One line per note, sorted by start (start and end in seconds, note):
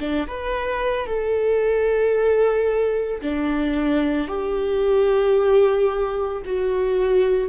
0.00 0.27 D4
0.27 1.07 B4
1.07 3.21 A4
3.21 4.28 D4
4.28 6.42 G4
6.46 7.50 F#4